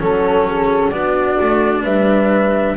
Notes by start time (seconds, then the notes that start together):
0.00 F#3 C#4 A4
0.47 G#4
0.90 B3 D4 F#4 D5
1.41 A3
1.83 G3 B4 E5